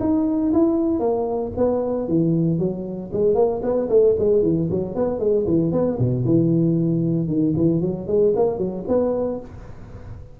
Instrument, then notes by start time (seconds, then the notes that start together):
tuba
0.00 D#4
0.53 E4
0.99 A#3
1.57 B3
2.08 E3
2.58 F#3
3.13 G#3
3.35 A#3
3.63 B3
3.89 A3
4.19 G#3
4.42 E3
4.70 F#3
4.95 B3
5.19 G#3
5.47 E3
5.72 B3
5.99 B2
6.25 E3
7.27 D#3
7.56 E3
7.81 F#3
8.07 G#3
8.35 A#3
8.58 F#3
8.88 B3